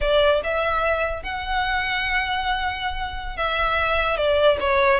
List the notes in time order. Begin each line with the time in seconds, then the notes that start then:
0.00 D5
0.43 E5
1.22 F#5
3.37 E5
4.17 D5
4.60 C#5